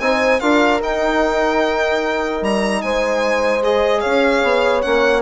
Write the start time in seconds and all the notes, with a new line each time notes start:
0.00 C4 D#4 C5 G#5
0.40 D4 F4 A#4 F5
0.81 D#4 G5
2.42 G3 A#5
2.82 G#3 C5 G#5
3.63 G#4 D#5
4.01 C#4 C#5 F5
4.43 B3
4.82 A#3 C#4 F#5